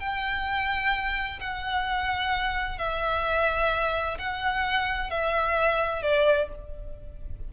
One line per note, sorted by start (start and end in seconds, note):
0.00 1.40 G5
1.40 2.78 F#5
2.78 4.18 E5
4.19 5.11 F#5
5.11 6.02 E5
6.02 6.49 D5